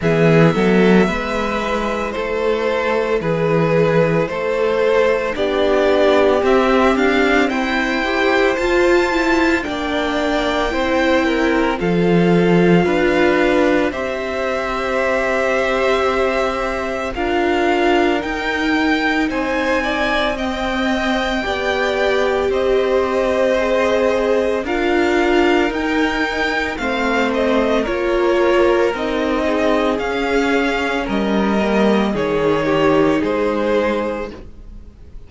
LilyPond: <<
  \new Staff \with { instrumentName = "violin" } { \time 4/4 \tempo 4 = 56 e''2 c''4 b'4 | c''4 d''4 e''8 f''8 g''4 | a''4 g''2 f''4~ | f''4 e''2. |
f''4 g''4 gis''4 g''4~ | g''4 dis''2 f''4 | g''4 f''8 dis''8 cis''4 dis''4 | f''4 dis''4 cis''4 c''4 | }
  \new Staff \with { instrumentName = "violin" } { \time 4/4 gis'8 a'8 b'4 a'4 gis'4 | a'4 g'2 c''4~ | c''4 d''4 c''8 ais'8 a'4 | b'4 c''2. |
ais'2 c''8 d''8 dis''4 | d''4 c''2 ais'4~ | ais'4 c''4 ais'4. gis'8~ | gis'4 ais'4 gis'8 g'8 gis'4 | }
  \new Staff \with { instrumentName = "viola" } { \time 4/4 b4. e'2~ e'8~ | e'4 d'4 c'4. g'8 | f'8 e'8 d'4 e'4 f'4~ | f'4 g'2. |
f'4 dis'2 c'4 | g'2 gis'4 f'4 | dis'4 c'4 f'4 dis'4 | cis'4. ais8 dis'2 | }
  \new Staff \with { instrumentName = "cello" } { \time 4/4 e8 fis8 gis4 a4 e4 | a4 b4 c'8 d'8 e'4 | f'4 ais4 c'4 f4 | d'4 c'2. |
d'4 dis'4 c'2 | b4 c'2 d'4 | dis'4 a4 ais4 c'4 | cis'4 g4 dis4 gis4 | }
>>